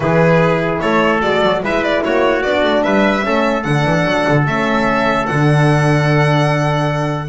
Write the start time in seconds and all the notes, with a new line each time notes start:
0.00 E3 E4 G#4 B4
0.80 A3 A4 C#5
1.20 G#3 F#4 D5
1.42 F#3
1.62 G#3 E4 B4 E5
1.83 D5
2.04 A#3 F#4 C#5
2.42 B3 D4 D5
2.63 A3
2.83 G3 B4 E5
3.21 A3 C#4 A4
3.62 D3 D4 F#5
3.84 E3
4.04 F#3
4.28 D3
4.47 A3 C#4 E5
5.26 D3 D4 F#5